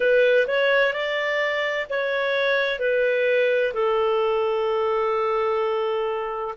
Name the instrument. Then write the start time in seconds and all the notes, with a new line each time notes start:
clarinet
0.00 B4
0.47 C#5
0.93 D5
1.89 C#5
2.79 B4
3.73 A4